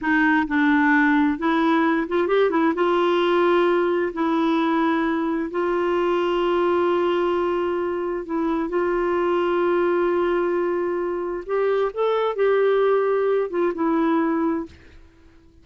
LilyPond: \new Staff \with { instrumentName = "clarinet" } { \time 4/4 \tempo 4 = 131 dis'4 d'2 e'4~ | e'8 f'8 g'8 e'8 f'2~ | f'4 e'2. | f'1~ |
f'2 e'4 f'4~ | f'1~ | f'4 g'4 a'4 g'4~ | g'4. f'8 e'2 | }